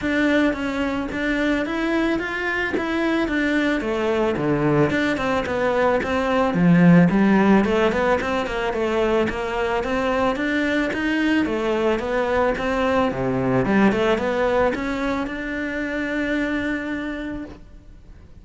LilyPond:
\new Staff \with { instrumentName = "cello" } { \time 4/4 \tempo 4 = 110 d'4 cis'4 d'4 e'4 | f'4 e'4 d'4 a4 | d4 d'8 c'8 b4 c'4 | f4 g4 a8 b8 c'8 ais8 |
a4 ais4 c'4 d'4 | dis'4 a4 b4 c'4 | c4 g8 a8 b4 cis'4 | d'1 | }